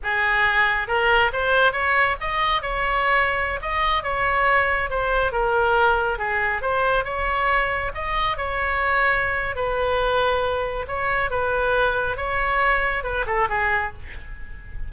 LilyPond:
\new Staff \with { instrumentName = "oboe" } { \time 4/4 \tempo 4 = 138 gis'2 ais'4 c''4 | cis''4 dis''4 cis''2~ | cis''16 dis''4 cis''2 c''8.~ | c''16 ais'2 gis'4 c''8.~ |
c''16 cis''2 dis''4 cis''8.~ | cis''2 b'2~ | b'4 cis''4 b'2 | cis''2 b'8 a'8 gis'4 | }